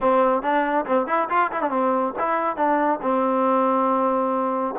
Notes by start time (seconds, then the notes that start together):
0.01 C4
0.42 D4
0.85 C4
1.07 E4
1.29 F4
1.52 E4
1.61 D4
1.70 C4
2.19 E4
2.56 D4
3.02 C4